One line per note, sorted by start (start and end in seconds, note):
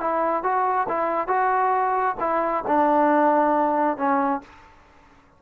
0.00 0.43 E4
0.43 0.87 F#4
0.88 1.27 E4
1.27 2.16 F#4
2.20 2.64 E4
2.67 3.97 D4
3.97 4.41 C#4